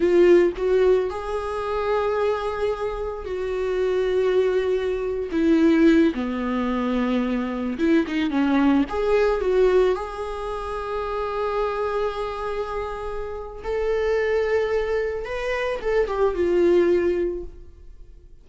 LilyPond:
\new Staff \with { instrumentName = "viola" } { \time 4/4 \tempo 4 = 110 f'4 fis'4 gis'2~ | gis'2 fis'2~ | fis'4.~ fis'16 e'4. b8.~ | b2~ b16 e'8 dis'8 cis'8.~ |
cis'16 gis'4 fis'4 gis'4.~ gis'16~ | gis'1~ | gis'4 a'2. | b'4 a'8 g'8 f'2 | }